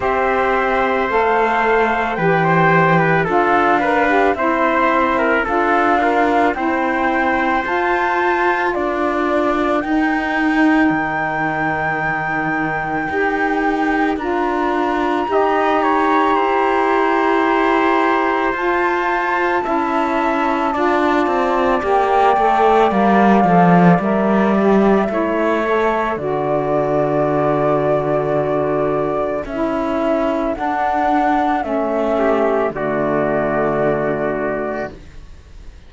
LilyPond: <<
  \new Staff \with { instrumentName = "flute" } { \time 4/4 \tempo 4 = 55 e''4 f''4 g''4 f''4 | e''4 f''4 g''4 a''4 | d''4 g''2.~ | g''4 ais''2.~ |
ais''4 a''2. | g''4 f''4 e''2 | d''2. e''4 | fis''4 e''4 d''2 | }
  \new Staff \with { instrumentName = "trumpet" } { \time 4/4 c''2 b'16 c''8 b'16 a'8 b'8 | c''8. ais'16 a'8 f'8 c''2 | ais'1~ | ais'2 dis''8 cis''8 c''4~ |
c''2 e''4 d''4~ | d''2. cis''4 | a'1~ | a'4. g'8 fis'2 | }
  \new Staff \with { instrumentName = "saxophone" } { \time 4/4 g'4 a'4 g'4 f'8 ais'16 g'16 | e'4 f'8 ais'8 e'4 f'4~ | f'4 dis'2. | g'4 f'4 g'2~ |
g'4 f'4 e'4 f'4 | g'8 a'8 ais'8 a'8 ais'8 g'8 e'8 a'8 | fis'2. e'4 | d'4 cis'4 a2 | }
  \new Staff \with { instrumentName = "cello" } { \time 4/4 c'4 a4 e4 d'4 | c'4 d'4 c'4 f'4 | d'4 dis'4 dis2 | dis'4 d'4 dis'4 e'4~ |
e'4 f'4 cis'4 d'8 c'8 | ais8 a8 g8 f8 g4 a4 | d2. cis'4 | d'4 a4 d2 | }
>>